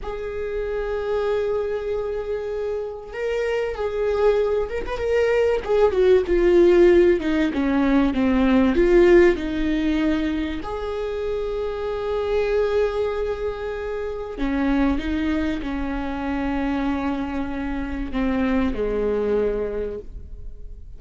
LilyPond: \new Staff \with { instrumentName = "viola" } { \time 4/4 \tempo 4 = 96 gis'1~ | gis'4 ais'4 gis'4. ais'16 b'16 | ais'4 gis'8 fis'8 f'4. dis'8 | cis'4 c'4 f'4 dis'4~ |
dis'4 gis'2.~ | gis'2. cis'4 | dis'4 cis'2.~ | cis'4 c'4 gis2 | }